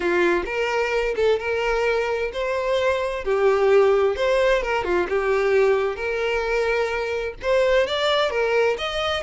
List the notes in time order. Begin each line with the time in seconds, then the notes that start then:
0.00 F4
0.45 A#4
1.16 A4
1.39 A#4
2.33 C5
3.24 G4
4.16 C5
4.62 A#4
4.83 F4
5.08 G4
5.96 A#4
7.42 C5
7.86 D5
8.30 A#4
8.78 D#5